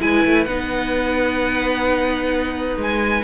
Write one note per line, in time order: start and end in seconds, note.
0.00 0.25 G#3
0.00 0.46 E4
0.00 3.24 B4
0.00 0.45 G#5
0.25 0.46 A3
0.45 2.76 B3
0.45 3.24 D#4
0.45 2.75 F#5
2.76 3.22 G#3
2.76 3.24 G#5